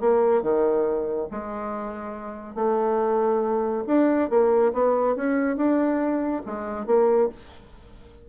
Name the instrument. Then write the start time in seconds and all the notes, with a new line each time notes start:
bassoon
0.00 A#3
0.42 D#3
1.31 G#3
2.55 A3
3.87 D4
4.30 A#3
4.73 B3
5.16 C#4
5.57 D4
6.46 G#3
6.86 A#3